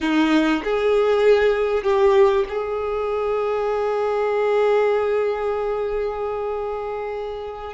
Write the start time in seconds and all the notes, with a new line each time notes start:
0.01 D#4
0.64 G#4
1.83 G4
2.49 G#4